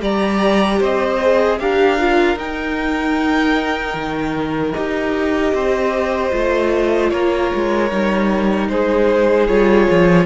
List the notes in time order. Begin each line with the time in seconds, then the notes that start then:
0.00 G3 G4 D5 A#5
0.80 C4 C5 D#5
1.21 G#4
1.59 D4 G4 A#4 F5
1.98 F4
2.36 D#4 G5
3.94 D#3
4.73 D#4 G4 D#5
5.53 C4 C5
6.32 A3 F4
7.10 A#3 A#4 C#5
7.55 G#3
7.91 G3 D#4
8.69 G#3 G#4 C5
9.47 G3 F4 C#5
9.91 F3